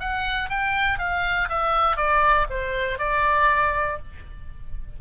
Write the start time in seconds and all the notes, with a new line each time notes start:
0.00 F#5
0.50 G5
0.99 F5
1.49 E5
1.97 D5
2.50 C5
2.99 D5